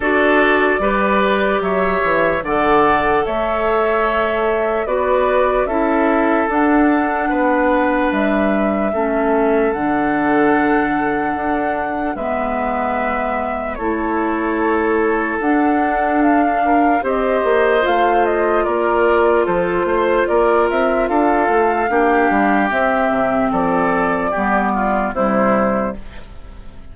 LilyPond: <<
  \new Staff \with { instrumentName = "flute" } { \time 4/4 \tempo 4 = 74 d''2 e''4 fis''4 | e''2 d''4 e''4 | fis''2 e''2 | fis''2. e''4~ |
e''4 cis''2 fis''4 | f''4 dis''4 f''8 dis''8 d''4 | c''4 d''8 e''8 f''2 | e''4 d''2 c''4 | }
  \new Staff \with { instrumentName = "oboe" } { \time 4/4 a'4 b'4 cis''4 d''4 | cis''2 b'4 a'4~ | a'4 b'2 a'4~ | a'2. b'4~ |
b'4 a'2.~ | a'8 ais'8 c''2 ais'4 | a'8 c''8 ais'4 a'4 g'4~ | g'4 a'4 g'8 f'8 e'4 | }
  \new Staff \with { instrumentName = "clarinet" } { \time 4/4 fis'4 g'2 a'4~ | a'2 fis'4 e'4 | d'2. cis'4 | d'2. b4~ |
b4 e'2 d'4~ | d'4 g'4 f'2~ | f'2. d'4 | c'2 b4 g4 | }
  \new Staff \with { instrumentName = "bassoon" } { \time 4/4 d'4 g4 fis8 e8 d4 | a2 b4 cis'4 | d'4 b4 g4 a4 | d2 d'4 gis4~ |
gis4 a2 d'4~ | d'4 c'8 ais8 a4 ais4 | f8 a8 ais8 c'8 d'8 a8 ais8 g8 | c'8 c8 f4 g4 c4 | }
>>